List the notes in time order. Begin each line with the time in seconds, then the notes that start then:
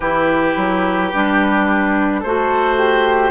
0.00 E3 E4 G4 B4
0.56 F#3
1.13 G3 D4
2.19 A3 F#4 A4 C5
2.76 G4